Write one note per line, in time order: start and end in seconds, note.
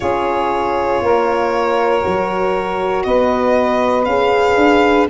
0.00 1.01 C#4
0.00 2.01 F4
0.00 1.02 G#4
0.00 3.02 C#5
1.01 2.03 A#3
1.01 3.05 A#4
2.01 3.05 F#3
2.01 4.05 F#4
3.03 4.06 B3
3.03 5.08 B4
3.03 4.04 D#5
4.04 4.56 C#4
4.04 5.09 G#4
4.04 5.06 F5
4.56 5.06 D4